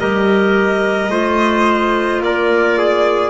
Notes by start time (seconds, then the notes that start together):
0.00 G3 G4 A#4 D#5
1.10 A3 F4 C5
2.20 A#3 A#4 D5
2.78 G#4